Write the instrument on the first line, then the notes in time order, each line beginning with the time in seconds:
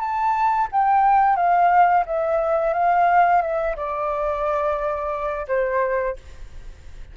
flute
0.00 A5
0.72 G5
1.36 F5
2.06 E5
2.74 F5
3.42 E5
3.77 D5
5.48 C5